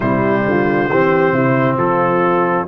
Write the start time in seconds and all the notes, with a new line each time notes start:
0.00 C3 G3 E4 C5
0.45 D3 F4
0.89 E3 C4 G4
1.32 C3 E4
1.76 F3 F4 A4